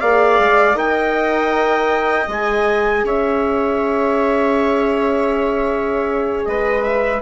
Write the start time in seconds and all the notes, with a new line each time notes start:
0.00 A#3 G#4 D5 F5
0.39 G#3
0.74 D#4 A#4 D#5 G5
2.27 G#3 G#4 G#5
3.03 C#4 C#5 E5
6.45 G#3 B4 D#5
6.83 E5